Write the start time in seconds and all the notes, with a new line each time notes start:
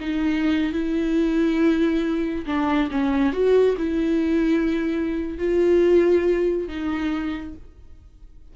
0.00 D#4
0.72 E4
2.46 D4
2.91 C#4
3.32 F#4
3.77 E4
5.38 F4
6.68 D#4